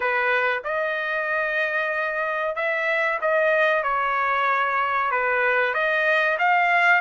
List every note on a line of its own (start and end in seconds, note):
0.00 0.62 B4
0.64 2.55 D#5
2.55 3.19 E5
3.21 3.83 D#5
3.83 5.11 C#5
5.11 5.74 B4
5.74 6.37 D#5
6.38 7.01 F5